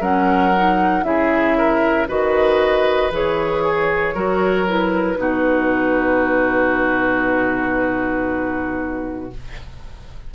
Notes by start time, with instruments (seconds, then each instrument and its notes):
0.00 bassoon F#3, clarinet C#4, oboe A#4, flute F#5
0.56 clarinet D#4
1.03 bassoon C#3, clarinet E4, oboe G#4, flute E5
1.58 oboe A#4
2.08 bassoon D#3, clarinet F#4, oboe B4, flute D#5
3.11 bassoon E3, clarinet G#4, flute C#5
3.64 oboe G#4
4.14 bassoon F#3, clarinet F#4, oboe A#4
4.67 clarinet E4, flute B4
5.17 bassoon B2, clarinet D#4, oboe F#4